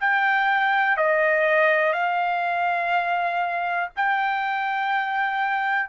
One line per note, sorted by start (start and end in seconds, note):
0.00 0.97 G5
0.97 1.93 D#5
1.93 3.89 F5
3.96 5.89 G5